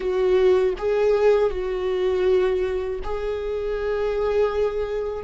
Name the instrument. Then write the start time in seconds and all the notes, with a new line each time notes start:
viola
0.00 F#4
0.77 G#4
1.50 F#4
3.03 G#4